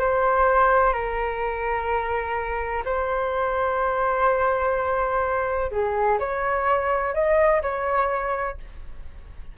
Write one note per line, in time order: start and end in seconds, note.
0.00 0.93 C5
0.93 2.84 A#4
2.85 5.71 C5
5.71 6.19 G#4
6.20 7.15 C#5
7.15 7.62 D#5
7.63 8.58 C#5